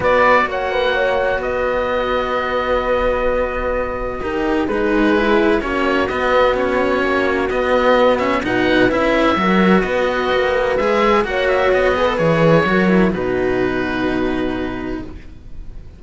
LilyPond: <<
  \new Staff \with { instrumentName = "oboe" } { \time 4/4 \tempo 4 = 128 d''4 fis''2 dis''4~ | dis''1~ | dis''2 b'2 | cis''4 dis''4 cis''2 |
dis''4. e''8 fis''4 e''4~ | e''4 dis''2 e''4 | fis''8 e''8 dis''4 cis''2 | b'1 | }
  \new Staff \with { instrumentName = "horn" } { \time 4/4 b'4 cis''8 b'8 cis''4 b'4~ | b'1~ | b'4 ais'4 gis'2 | fis'1~ |
fis'2 b'2 | ais'4 b'2. | cis''4. b'4. ais'4 | fis'1 | }
  \new Staff \with { instrumentName = "cello" } { \time 4/4 fis'1~ | fis'1~ | fis'4 g'4 dis'4 e'4 | cis'4 b4 cis'2 |
b4. cis'8 dis'4 e'4 | fis'2. gis'4 | fis'4. gis'16 a'16 gis'4 fis'8 e'8 | dis'1 | }
  \new Staff \with { instrumentName = "cello" } { \time 4/4 b4 ais2 b4~ | b1~ | b4 dis'4 gis2 | ais4 b2 ais4 |
b2 b,4 cis'4 | fis4 b4 ais4 gis4 | ais4 b4 e4 fis4 | b,1 | }
>>